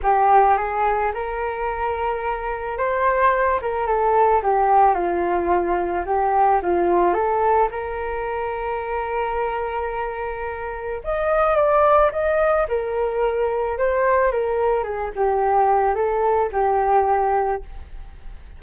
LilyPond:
\new Staff \with { instrumentName = "flute" } { \time 4/4 \tempo 4 = 109 g'4 gis'4 ais'2~ | ais'4 c''4. ais'8 a'4 | g'4 f'2 g'4 | f'4 a'4 ais'2~ |
ais'1 | dis''4 d''4 dis''4 ais'4~ | ais'4 c''4 ais'4 gis'8 g'8~ | g'4 a'4 g'2 | }